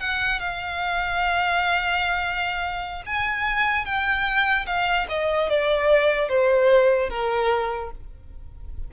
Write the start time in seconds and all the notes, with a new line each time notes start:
0.00 F#5
0.39 F5
3.06 G#5
3.85 G5
4.66 F5
5.09 D#5
5.49 D5
6.29 C5
7.10 A#4